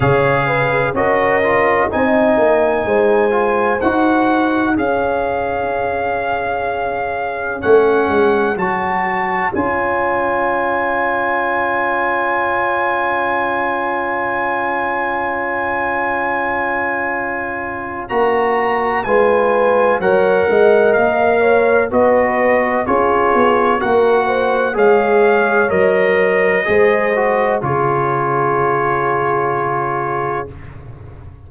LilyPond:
<<
  \new Staff \with { instrumentName = "trumpet" } { \time 4/4 \tempo 4 = 63 f''4 dis''4 gis''2 | fis''4 f''2. | fis''4 a''4 gis''2~ | gis''1~ |
gis''2. ais''4 | gis''4 fis''4 f''4 dis''4 | cis''4 fis''4 f''4 dis''4~ | dis''4 cis''2. | }
  \new Staff \with { instrumentName = "horn" } { \time 4/4 cis''8 b'8 ais'4 dis''4 c''4~ | c''4 cis''2.~ | cis''1~ | cis''1~ |
cis''1 | b'4 cis''8 dis''4 cis''8 b'4 | gis'4 ais'8 c''8 cis''2 | c''4 gis'2. | }
  \new Staff \with { instrumentName = "trombone" } { \time 4/4 gis'4 fis'8 f'8 dis'4. f'8 | fis'4 gis'2. | cis'4 fis'4 f'2~ | f'1~ |
f'2. fis'4 | f'4 ais'2 fis'4 | f'4 fis'4 gis'4 ais'4 | gis'8 fis'8 f'2. | }
  \new Staff \with { instrumentName = "tuba" } { \time 4/4 cis4 cis'4 c'8 ais8 gis4 | dis'4 cis'2. | a8 gis8 fis4 cis'2~ | cis'1~ |
cis'2. ais4 | gis4 fis8 gis8 ais4 b4 | cis'8 b8 ais4 gis4 fis4 | gis4 cis2. | }
>>